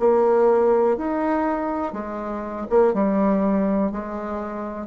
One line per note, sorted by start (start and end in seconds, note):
0.00 0.97 A#3
0.97 1.93 D#4
1.93 2.67 G#3
2.70 2.94 A#3
2.94 3.92 G3
3.92 4.87 G#3